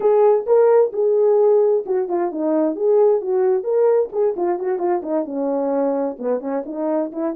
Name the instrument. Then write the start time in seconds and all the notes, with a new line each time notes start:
horn
0.00 G#4
0.46 A#4
0.92 G#4
1.86 F#4
2.08 F4
2.31 D#4
2.75 G#4
3.21 F#4
3.63 A#4
4.12 G#4
4.36 F4
4.59 F#4
4.78 F4
5.02 D#4
5.25 C#4
6.18 B3
6.40 C#4
6.65 D#4
7.12 E4